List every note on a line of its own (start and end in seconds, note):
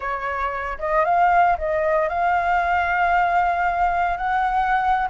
0.00 0.78 C#5
0.78 1.04 D#5
1.04 1.57 F5
1.57 2.08 D#5
2.08 4.17 F5
4.17 5.08 F#5